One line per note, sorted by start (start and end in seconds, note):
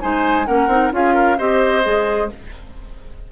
0.00 0.47 G#3
0.00 0.46 D#4
0.00 0.46 C5
0.00 0.46 G#5
0.46 0.67 A#3
0.46 0.69 C#4
0.46 0.92 A#4
0.46 0.91 F#5
0.67 0.90 C4
0.67 0.91 D#4
0.91 1.38 C#4
0.91 1.37 F4
0.91 1.13 G#4
0.91 1.38 F5
1.13 1.36 A#4
1.38 1.85 C4
1.38 1.82 G4
1.38 2.29 C5
1.38 2.30 D#5
1.82 2.31 G#3
1.82 2.28 G#4